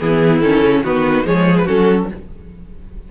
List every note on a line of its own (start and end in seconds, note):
0.00 0.42 E3
0.00 0.42 B3
0.00 0.83 E4
0.00 0.41 G#4
0.41 0.62 D#3
0.41 0.84 C#4
0.41 0.83 A4
0.62 0.83 C#3
0.83 1.26 D#3
0.83 1.24 B3
0.83 1.25 F#4
0.83 1.27 B4
1.24 1.68 F3
1.24 1.66 G#3
1.24 1.65 G#4
1.24 1.57 C#5
1.57 1.68 B4
1.65 2.12 F#3
1.65 2.09 C#4
1.65 2.07 F#4
1.65 2.10 A4